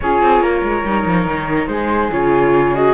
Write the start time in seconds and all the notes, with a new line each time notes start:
0.00 C#4 F4 G#4 C#5
0.22 C4
0.40 A#3 A#4
0.62 G#3
0.84 G3 D#4
1.06 F3
1.25 D#3
1.67 G#3 G#4 C5
2.11 C#3 F4 C#5
2.74 F#4 D#5